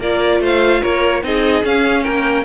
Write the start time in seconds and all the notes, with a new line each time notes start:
0.00 A#3 F4 A#4 D5
0.40 A3 C5 F5
0.81 A#3 A#4 C#5
1.23 C4 D#4 G#4 D#5
1.63 C#4 F5
2.03 A#3 A#4 G5